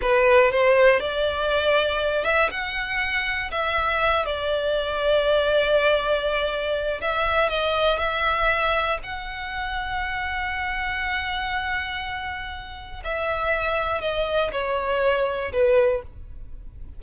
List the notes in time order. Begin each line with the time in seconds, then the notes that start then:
0.01 B4
0.51 C5
1.00 D5
2.24 E5
2.50 F#5
3.51 E5
4.25 D5
7.01 E5
7.49 D#5
7.98 E5
9.03 F#5
13.04 E5
14.01 D#5
14.52 C#5
15.52 B4